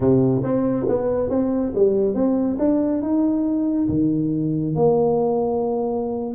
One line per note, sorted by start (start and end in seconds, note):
0.00 0.42 C3
0.43 0.86 C4
0.88 1.29 B3
1.29 1.72 C4
1.74 2.14 G3
2.14 2.57 C4
2.58 3.02 D4
3.02 3.88 D#4
3.88 4.75 D#3
4.75 6.35 A#3